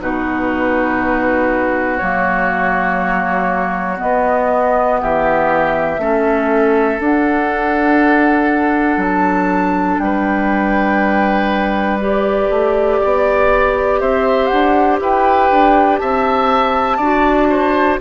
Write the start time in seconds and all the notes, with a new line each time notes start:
0.00 B2 D#4 F#4 B4
1.97 F#3 A#3 C#5
3.97 B3 D#5
5.01 E3 G4 E5
5.98 A3 C#4 A4
6.99 D4 F#5
8.97 F#3 A5
9.99 G3 B4 G5
12.00 G4 D5
12.49 A3
13.00 B3 D5
14.00 C4 C5 E5
14.46 D4 F#5
15.00 E4 B4 G5
15.50 D4
15.97 C4 E5 A5
16.97 D4 F#4 D5
17.49 C5